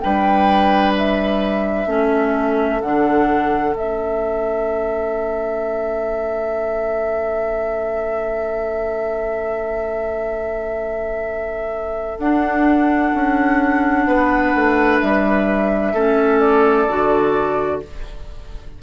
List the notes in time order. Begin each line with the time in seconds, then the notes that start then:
0.00 G3 D4 B4 G5
0.98 E5
1.87 A3 C#4 A4
2.82 D3 D4 F#5
3.75 A3 C#4 E5
12.18 D4 F#5
13.14 C#4
14.07 B3 B4
14.55 A3
15.01 G3 E5
15.94 A3 C#4 A4
16.40 D5
16.89 D3 F#4